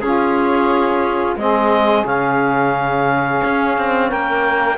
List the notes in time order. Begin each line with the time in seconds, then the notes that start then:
0.00 C#4 F4 G#4
1.36 G#3 C4 G#4 D#5
2.05 C#3 C#4 F5
3.44 C#4
3.78 C4
4.09 A#3 A#4 G5